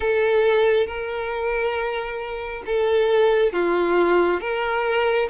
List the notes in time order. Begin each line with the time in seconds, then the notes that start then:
0.00 A4
0.86 A#4
2.66 A4
3.52 F4
4.40 A#4